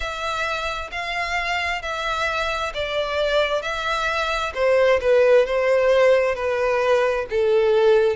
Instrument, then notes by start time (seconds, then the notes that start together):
violin
0.00 E5
0.91 F5
1.81 E5
2.74 D5
3.62 E5
4.54 C5
5.00 B4
5.45 C5
6.35 B4
7.30 A4